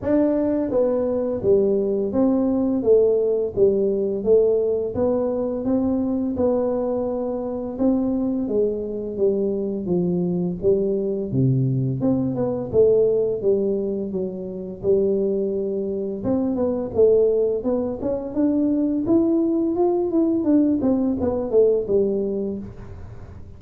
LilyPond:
\new Staff \with { instrumentName = "tuba" } { \time 4/4 \tempo 4 = 85 d'4 b4 g4 c'4 | a4 g4 a4 b4 | c'4 b2 c'4 | gis4 g4 f4 g4 |
c4 c'8 b8 a4 g4 | fis4 g2 c'8 b8 | a4 b8 cis'8 d'4 e'4 | f'8 e'8 d'8 c'8 b8 a8 g4 | }